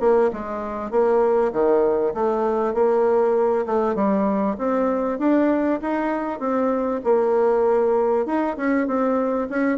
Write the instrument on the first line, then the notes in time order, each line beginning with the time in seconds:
bassoon
0.00 A#3
0.33 G#3
0.91 A#3
1.53 D#3
2.14 A3
2.74 A#3
3.66 A3
3.95 G3
4.58 C4
5.19 D4
5.82 D#4
6.40 C4
7.04 A#3
8.26 D#4
8.57 C#4
8.87 C4
9.50 C#4